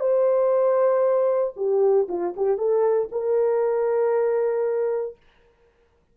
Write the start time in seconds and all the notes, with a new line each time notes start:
0.00 C5
1.57 G4
2.09 F4
2.37 G4
2.58 A4
3.12 A#4